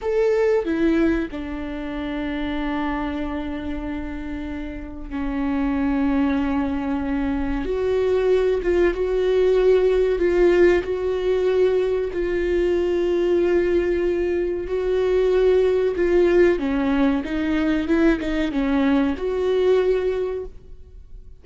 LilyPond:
\new Staff \with { instrumentName = "viola" } { \time 4/4 \tempo 4 = 94 a'4 e'4 d'2~ | d'1 | cis'1 | fis'4. f'8 fis'2 |
f'4 fis'2 f'4~ | f'2. fis'4~ | fis'4 f'4 cis'4 dis'4 | e'8 dis'8 cis'4 fis'2 | }